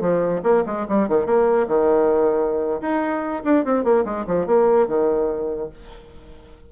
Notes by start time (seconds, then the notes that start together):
0.00 F3
0.43 A#3
0.66 G#3
0.88 G3
1.08 D#3
1.26 A#3
1.67 D#3
2.81 D#4
3.44 D4
3.64 C4
3.83 A#3
4.05 G#3
4.26 F3
4.46 A#3
4.87 D#3